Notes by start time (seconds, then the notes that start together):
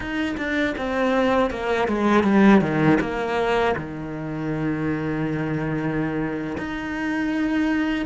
0.00 D#4
0.37 D4
0.77 C4
1.50 A#3
1.88 G#3
2.23 G3
2.61 D#3
3.00 A#3
3.76 D#3
6.57 D#4